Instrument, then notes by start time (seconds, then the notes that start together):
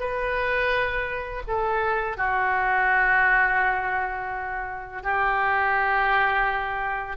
oboe
0.00 B4
1.47 A4
2.17 F#4
5.03 G4